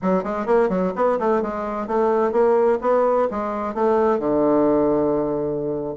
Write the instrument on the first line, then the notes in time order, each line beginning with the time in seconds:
bassoon
0.02 F#3
0.23 G#3
0.45 A#3
0.69 F#3
0.95 B3
1.19 A3
1.42 G#3
1.87 A3
2.32 A#3
2.81 B3
3.30 G#3
3.74 A3
4.19 D3